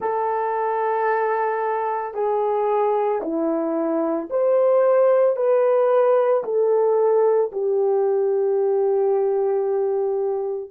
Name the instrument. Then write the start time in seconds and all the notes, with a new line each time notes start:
horn
0.00 A4
2.14 G#4
3.21 E4
4.30 C5
5.36 B4
6.43 A4
7.51 G4